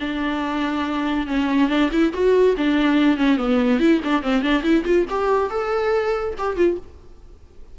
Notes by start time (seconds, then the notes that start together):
0.00 D4
1.27 C#4
1.69 D4
1.92 E4
2.13 F#4
2.57 D4
3.17 C#4
3.37 B3
3.80 E4
4.04 D4
4.23 C4
4.42 D4
4.63 E4
4.85 F4
5.10 G4
5.50 A4
6.38 G4
6.56 F4